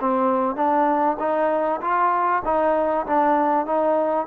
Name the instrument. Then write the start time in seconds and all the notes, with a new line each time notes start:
trombone
0.00 C4
0.55 D4
1.19 D#4
1.81 F4
2.44 D#4
3.06 D4
3.66 D#4